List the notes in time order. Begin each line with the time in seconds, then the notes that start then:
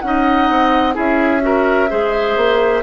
0.00 C#4 D#4 F#5
0.06 D#5
0.49 C4
0.93 C#4 E4 G#4 E5
1.40 F#4 A#4
1.89 G#3 G#4 C5
2.36 A#3